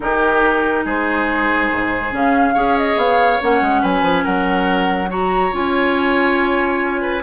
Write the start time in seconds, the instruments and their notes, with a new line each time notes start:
0.00 bassoon D#3, clarinet D#4, oboe G4, flute A#4
0.84 bassoon G#3, oboe G#4, flute C5
1.72 bassoon G#2
2.11 bassoon C#3, clarinet C#4, flute F5
2.54 bassoon C#4, clarinet G#4, oboe C#5
2.78 flute D#5
2.96 bassoon B3, flute F5
3.40 bassoon A#3, clarinet C#4, flute F#5
3.61 bassoon G#3
3.81 bassoon F#3, oboe B4, flute G#5
4.02 bassoon F3
4.24 bassoon F#3, oboe A#4, flute F#5
5.09 clarinet F#4, oboe C#5, flute A#5
5.52 bassoon C#4, clarinet F4, flute G#5
7.01 oboe B4